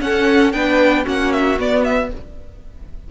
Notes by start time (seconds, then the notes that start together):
0.00 C#4 A4 F#5
0.52 B3 D4 B4 G5
1.04 A#3 C#4 F#4 F#5
1.32 E5
1.58 B3 D5
1.84 E5